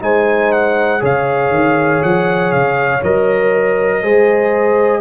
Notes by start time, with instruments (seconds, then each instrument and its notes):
0.00 tuba G#3, trombone D#4, horn C5, trumpet G#5
0.52 trumpet F#5
0.99 tuba C#3, trombone G#4, horn C#5, trumpet F5
1.50 tuba D#3
2.02 tuba F3, trumpet F#5
2.51 tuba C#3, trumpet F5
3.03 tuba F#3, trombone A#4, trumpet D#5
4.02 tuba G#3, trombone G#4, horn C5